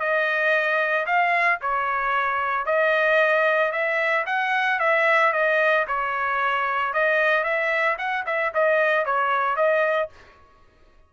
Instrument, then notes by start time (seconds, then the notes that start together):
trumpet
0.00 D#5
1.06 F5
1.62 C#5
2.66 D#5
3.72 E5
4.26 F#5
4.80 E5
5.33 D#5
5.88 C#5
6.94 D#5
7.44 E5
7.98 F#5
8.26 E5
8.54 D#5
9.06 C#5
9.56 D#5